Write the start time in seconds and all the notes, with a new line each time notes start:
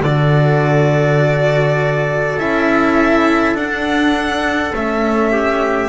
0.00 D3 A4 D5
0.06 F#4
2.38 C#4 E4 E5
3.54 D4 F#5
4.74 A3 C#4 E5
5.32 G4